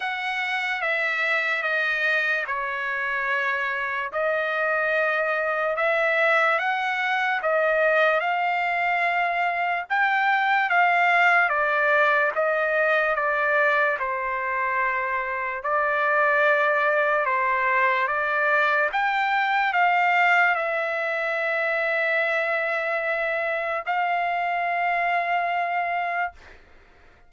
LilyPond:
\new Staff \with { instrumentName = "trumpet" } { \time 4/4 \tempo 4 = 73 fis''4 e''4 dis''4 cis''4~ | cis''4 dis''2 e''4 | fis''4 dis''4 f''2 | g''4 f''4 d''4 dis''4 |
d''4 c''2 d''4~ | d''4 c''4 d''4 g''4 | f''4 e''2.~ | e''4 f''2. | }